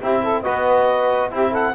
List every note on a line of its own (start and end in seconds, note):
0.00 0.45 C4
0.00 0.43 E4
0.00 0.22 G4
0.00 0.42 E5
0.23 0.42 A4
0.42 1.32 B3
0.42 1.30 F#4
0.42 1.30 B4
0.42 1.30 D#5
1.30 1.74 C4
1.30 1.74 E4
1.30 1.50 G4
1.30 1.53 E5
1.50 1.73 A4
1.50 1.74 F#5